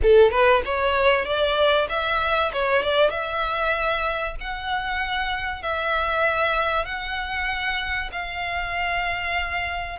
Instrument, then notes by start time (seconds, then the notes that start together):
violin
0.02 A4
0.31 B4
0.65 C#5
1.25 D5
1.89 E5
2.52 C#5
2.82 D5
3.10 E5
4.40 F#5
5.62 E5
6.85 F#5
8.12 F5